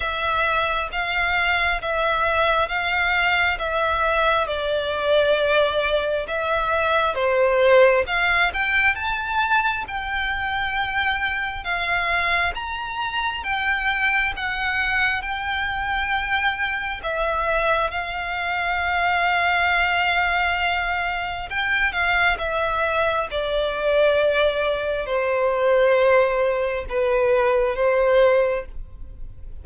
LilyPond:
\new Staff \with { instrumentName = "violin" } { \time 4/4 \tempo 4 = 67 e''4 f''4 e''4 f''4 | e''4 d''2 e''4 | c''4 f''8 g''8 a''4 g''4~ | g''4 f''4 ais''4 g''4 |
fis''4 g''2 e''4 | f''1 | g''8 f''8 e''4 d''2 | c''2 b'4 c''4 | }